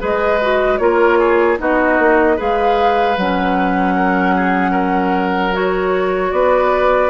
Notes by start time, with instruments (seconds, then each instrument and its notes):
0.00 bassoon G#3, clarinet G#4, oboe B4, flute D#5
0.42 clarinet F#4
0.78 bassoon A#3, clarinet F4, oboe A#4, flute C#5
1.19 oboe G#4
1.58 bassoon B3, clarinet D#4, oboe F#4, flute D#5
1.99 bassoon A#3
2.37 bassoon G#3, clarinet G#4, oboe B4, flute F5
3.17 bassoon F#3, clarinet C#4, flute F#5
3.96 oboe A#4
4.36 oboe G#4
4.72 oboe A#4
5.53 clarinet F#4, flute C#5
6.32 bassoon B3, oboe B4, flute D5